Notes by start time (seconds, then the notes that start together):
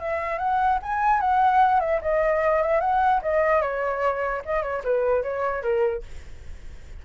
0.00 E5
0.39 F#5
0.83 G#5
1.21 F#5
1.81 E5
2.02 D#5
2.62 E5
2.81 F#5
3.23 D#5
3.62 C#5
4.46 D#5
4.63 C#5
4.85 B4
5.23 C#5
5.63 A#4